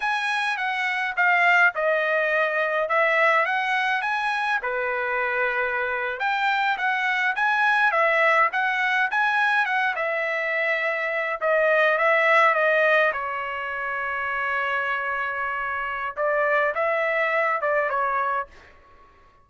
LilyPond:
\new Staff \with { instrumentName = "trumpet" } { \time 4/4 \tempo 4 = 104 gis''4 fis''4 f''4 dis''4~ | dis''4 e''4 fis''4 gis''4 | b'2~ b'8. g''4 fis''16~ | fis''8. gis''4 e''4 fis''4 gis''16~ |
gis''8. fis''8 e''2~ e''8 dis''16~ | dis''8. e''4 dis''4 cis''4~ cis''16~ | cis''1 | d''4 e''4. d''8 cis''4 | }